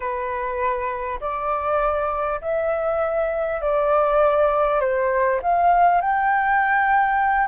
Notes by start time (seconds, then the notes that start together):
0.00 B4
1.20 D5
2.41 E5
3.61 D5
4.80 C5
5.42 F5
6.01 G5